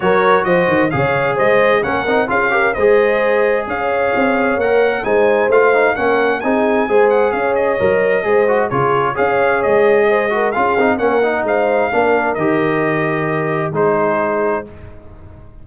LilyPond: <<
  \new Staff \with { instrumentName = "trumpet" } { \time 4/4 \tempo 4 = 131 cis''4 dis''4 f''4 dis''4 | fis''4 f''4 dis''2 | f''2 fis''4 gis''4 | f''4 fis''4 gis''4. fis''8 |
f''8 dis''2~ dis''8 cis''4 | f''4 dis''2 f''4 | fis''4 f''2 dis''4~ | dis''2 c''2 | }
  \new Staff \with { instrumentName = "horn" } { \time 4/4 ais'4 c''4 cis''4 c''4 | ais'4 gis'8 ais'8 c''2 | cis''2. c''4~ | c''4 ais'4 gis'4 c''4 |
cis''2 c''4 gis'4 | cis''2 c''8 ais'8 gis'4 | ais'4 c''4 ais'2~ | ais'2 gis'2 | }
  \new Staff \with { instrumentName = "trombone" } { \time 4/4 fis'2 gis'2 | cis'8 dis'8 f'8 g'8 gis'2~ | gis'2 ais'4 dis'4 | f'8 dis'8 cis'4 dis'4 gis'4~ |
gis'4 ais'4 gis'8 fis'8 f'4 | gis'2~ gis'8 fis'8 f'8 dis'8 | cis'8 dis'4. d'4 g'4~ | g'2 dis'2 | }
  \new Staff \with { instrumentName = "tuba" } { \time 4/4 fis4 f8 dis8 cis4 gis4 | ais8 c'8 cis'4 gis2 | cis'4 c'4 ais4 gis4 | a4 ais4 c'4 gis4 |
cis'4 fis4 gis4 cis4 | cis'4 gis2 cis'8 c'8 | ais4 gis4 ais4 dis4~ | dis2 gis2 | }
>>